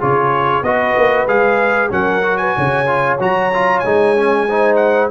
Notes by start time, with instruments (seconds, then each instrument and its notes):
0.00 tuba C#3, trombone F4, horn G#4, trumpet C#5
0.62 tuba B3, trombone F#4, horn B4, trumpet D#5
0.96 tuba A#3
1.26 tuba G#3, trombone G#4, trumpet F5
1.90 tuba F#3, trombone C#4, horn A#4, trumpet F#5
2.22 trombone F#4
2.37 horn B4, trumpet G#5
2.57 tuba C#3, horn C#5
2.86 trombone F4
3.19 tuba F#3, trombone F#4, trumpet A#5
3.53 trombone F4
3.79 tuba G#3, trombone D#4, trumpet G#5
4.16 trombone C#4
4.49 trombone D#4, horn C5
4.76 trumpet F#5